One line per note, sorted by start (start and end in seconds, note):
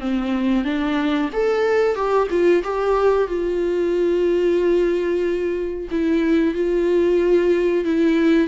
0.00 0.64 C4
0.64 1.30 D4
1.33 1.95 A4
1.95 2.28 G4
2.30 2.63 F4
2.64 3.28 G4
3.28 5.88 F4
5.91 6.55 E4
6.55 7.85 F4
7.85 8.48 E4